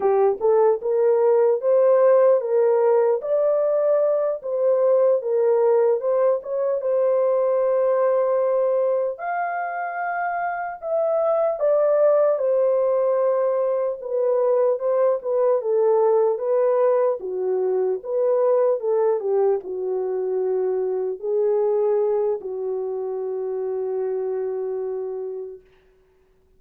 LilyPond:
\new Staff \with { instrumentName = "horn" } { \time 4/4 \tempo 4 = 75 g'8 a'8 ais'4 c''4 ais'4 | d''4. c''4 ais'4 c''8 | cis''8 c''2. f''8~ | f''4. e''4 d''4 c''8~ |
c''4. b'4 c''8 b'8 a'8~ | a'8 b'4 fis'4 b'4 a'8 | g'8 fis'2 gis'4. | fis'1 | }